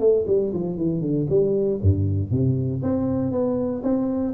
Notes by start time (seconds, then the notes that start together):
0.00 A3
0.28 G3
0.54 F3
0.77 E3
1.01 D3
1.30 G3
1.82 G2
2.31 C3
2.83 C4
3.32 B3
3.84 C4